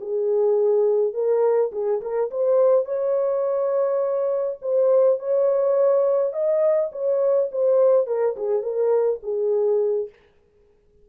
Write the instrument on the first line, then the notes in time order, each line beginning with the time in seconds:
horn
0.00 G#4
1.13 A#4
1.72 G#4
2.01 A#4
2.31 C5
2.85 C#5
4.61 C5
5.19 C#5
6.33 D#5
6.92 C#5
7.51 C5
8.06 A#4
8.36 G#4
8.62 A#4
9.22 G#4